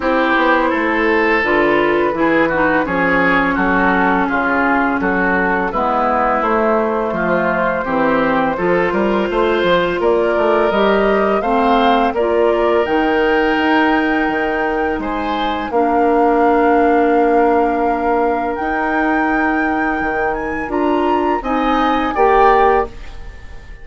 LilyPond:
<<
  \new Staff \with { instrumentName = "flute" } { \time 4/4 \tempo 4 = 84 c''2 b'2 | cis''4 a'4 gis'4 a'4 | b'4 c''2.~ | c''2 d''4 dis''4 |
f''4 d''4 g''2~ | g''4 gis''4 f''2~ | f''2 g''2~ | g''8 gis''8 ais''4 gis''4 g''4 | }
  \new Staff \with { instrumentName = "oboe" } { \time 4/4 g'4 a'2 gis'8 fis'8 | gis'4 fis'4 f'4 fis'4 | e'2 f'4 g'4 | a'8 ais'8 c''4 ais'2 |
c''4 ais'2.~ | ais'4 c''4 ais'2~ | ais'1~ | ais'2 dis''4 d''4 | }
  \new Staff \with { instrumentName = "clarinet" } { \time 4/4 e'2 f'4 e'8 dis'8 | cis'1 | b4 a2 c'4 | f'2. g'4 |
c'4 f'4 dis'2~ | dis'2 d'2~ | d'2 dis'2~ | dis'4 f'4 dis'4 g'4 | }
  \new Staff \with { instrumentName = "bassoon" } { \time 4/4 c'8 b8 a4 d4 e4 | f4 fis4 cis4 fis4 | gis4 a4 f4 e4 | f8 g8 a8 f8 ais8 a8 g4 |
a4 ais4 dis4 dis'4 | dis4 gis4 ais2~ | ais2 dis'2 | dis4 d'4 c'4 ais4 | }
>>